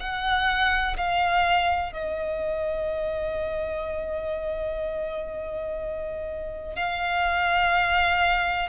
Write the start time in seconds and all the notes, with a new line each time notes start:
0.00 F#5
0.98 F5
1.93 D#5
6.76 F5